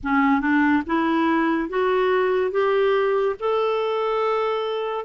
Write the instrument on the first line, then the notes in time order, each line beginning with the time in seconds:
clarinet
0.03 C#4
0.40 D4
0.86 E4
1.69 F#4
2.51 G4
3.39 A4